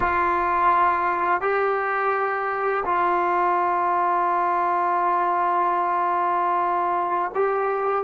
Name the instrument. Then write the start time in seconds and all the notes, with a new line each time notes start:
trombone
0.00 F4
1.41 G4
2.85 F4
7.34 G4